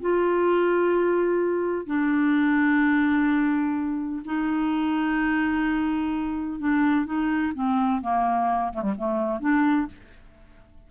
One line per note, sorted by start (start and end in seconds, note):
0.00 1.86 F4
1.86 4.22 D4
4.25 6.59 D#4
6.59 7.05 D4
7.05 7.52 D#4
7.54 8.01 C4
8.01 8.72 A#3
8.73 8.82 A3
8.82 8.93 G3
8.97 9.40 A3
9.40 9.87 D4